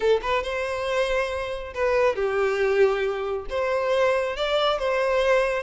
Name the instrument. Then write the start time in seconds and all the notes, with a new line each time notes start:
violin
0.00 A4
0.22 B4
0.43 C5
1.74 B4
2.15 G4
3.49 C5
4.36 D5
4.78 C5